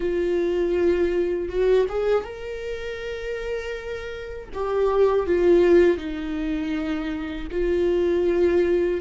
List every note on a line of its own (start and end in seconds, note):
0.00 1.48 F4
1.48 1.86 F#4
1.88 2.23 G#4
2.23 4.48 A#4
4.53 5.26 G4
5.26 5.97 F4
5.97 7.47 D#4
7.51 9.00 F4